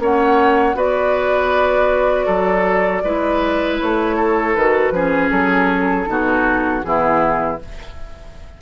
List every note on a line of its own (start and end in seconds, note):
0.00 0.75 A#3
0.00 0.75 C#4
0.00 0.77 C#5
0.00 0.78 F#5
0.75 2.27 B3
0.75 3.03 F#4
0.75 2.26 B4
0.75 3.81 D5
2.26 3.04 F#3
2.26 3.02 A4
3.04 3.80 G#3
3.04 4.57 E4
3.04 4.17 B4
3.81 4.56 A3
3.81 4.56 C#5
4.17 4.93 A4
4.56 4.92 D#3
4.56 4.95 F#4
4.56 5.31 B4
4.92 5.30 F3
4.92 6.07 C#4
4.92 6.09 G#4
5.31 6.07 F#3
5.31 6.83 A4
6.07 6.84 B2
6.07 6.83 D#4
6.07 6.86 F#4
6.83 7.61 E3
6.83 7.60 B3
6.83 7.62 E4
6.83 7.59 G#4